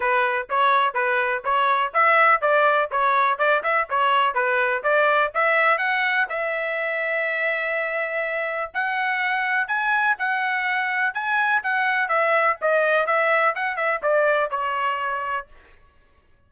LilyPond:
\new Staff \with { instrumentName = "trumpet" } { \time 4/4 \tempo 4 = 124 b'4 cis''4 b'4 cis''4 | e''4 d''4 cis''4 d''8 e''8 | cis''4 b'4 d''4 e''4 | fis''4 e''2.~ |
e''2 fis''2 | gis''4 fis''2 gis''4 | fis''4 e''4 dis''4 e''4 | fis''8 e''8 d''4 cis''2 | }